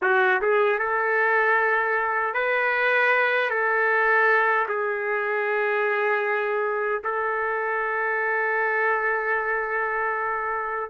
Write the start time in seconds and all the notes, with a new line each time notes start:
0.02 F#4
0.41 G#4
0.78 A4
2.33 B4
3.50 A4
4.68 G#4
7.03 A4